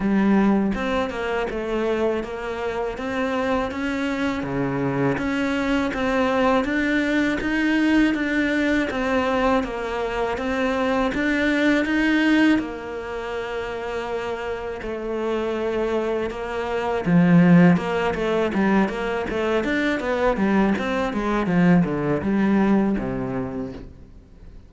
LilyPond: \new Staff \with { instrumentName = "cello" } { \time 4/4 \tempo 4 = 81 g4 c'8 ais8 a4 ais4 | c'4 cis'4 cis4 cis'4 | c'4 d'4 dis'4 d'4 | c'4 ais4 c'4 d'4 |
dis'4 ais2. | a2 ais4 f4 | ais8 a8 g8 ais8 a8 d'8 b8 g8 | c'8 gis8 f8 d8 g4 c4 | }